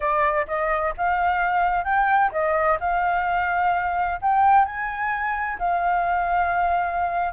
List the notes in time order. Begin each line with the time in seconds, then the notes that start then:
0.00 D5
0.47 D#5
0.97 F5
1.84 G5
2.31 D#5
2.80 F5
4.21 G5
4.65 G#5
5.58 F5